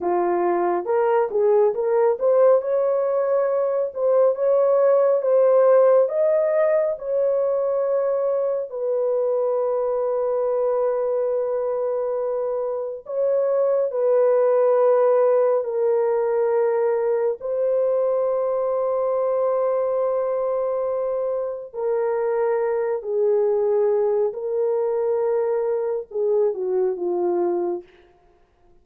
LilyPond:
\new Staff \with { instrumentName = "horn" } { \time 4/4 \tempo 4 = 69 f'4 ais'8 gis'8 ais'8 c''8 cis''4~ | cis''8 c''8 cis''4 c''4 dis''4 | cis''2 b'2~ | b'2. cis''4 |
b'2 ais'2 | c''1~ | c''4 ais'4. gis'4. | ais'2 gis'8 fis'8 f'4 | }